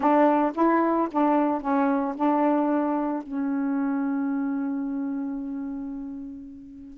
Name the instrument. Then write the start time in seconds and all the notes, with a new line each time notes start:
saxophone
0.00 D4
0.55 E4
1.11 D4
1.61 C#4
2.16 D4
3.22 C#4